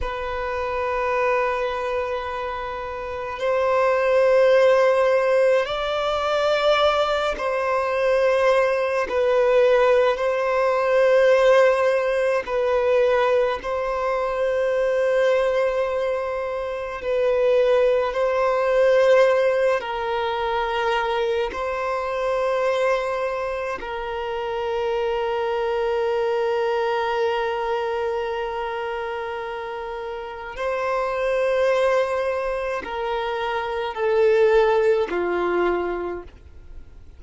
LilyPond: \new Staff \with { instrumentName = "violin" } { \time 4/4 \tempo 4 = 53 b'2. c''4~ | c''4 d''4. c''4. | b'4 c''2 b'4 | c''2. b'4 |
c''4. ais'4. c''4~ | c''4 ais'2.~ | ais'2. c''4~ | c''4 ais'4 a'4 f'4 | }